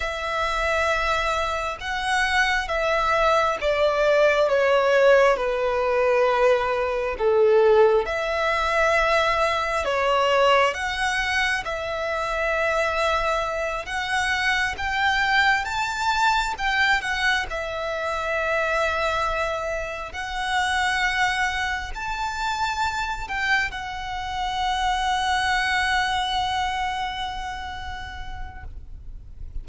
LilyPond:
\new Staff \with { instrumentName = "violin" } { \time 4/4 \tempo 4 = 67 e''2 fis''4 e''4 | d''4 cis''4 b'2 | a'4 e''2 cis''4 | fis''4 e''2~ e''8 fis''8~ |
fis''8 g''4 a''4 g''8 fis''8 e''8~ | e''2~ e''8 fis''4.~ | fis''8 a''4. g''8 fis''4.~ | fis''1 | }